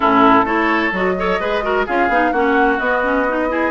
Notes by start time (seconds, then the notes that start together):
0.00 A2 C#4 E4 A4
0.43 A3 E4 A4 C#5
0.92 F#3 F#4 D#5
1.17 A4 C#5
1.40 G#3 G#4 B4
1.62 F#4 A#4
1.85 C#4 F4 G#4 F5
2.08 B3 D#4
2.31 A#3 C#4 F#4 F#5
2.79 B3 D#5
3.03 C#4
3.28 D#4
3.49 E4 G#4